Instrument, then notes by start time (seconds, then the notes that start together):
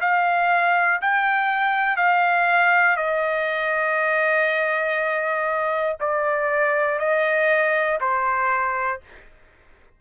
trumpet
0.00 F5
1.01 G5
1.96 F5
2.96 D#5
6.00 D5
6.99 D#5
8.00 C5